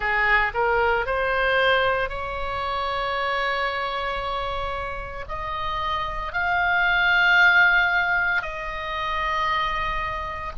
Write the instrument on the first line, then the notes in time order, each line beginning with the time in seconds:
oboe
0.00 G#4
0.54 A#4
1.05 C5
2.09 C#5
5.28 D#5
6.33 F5
8.42 D#5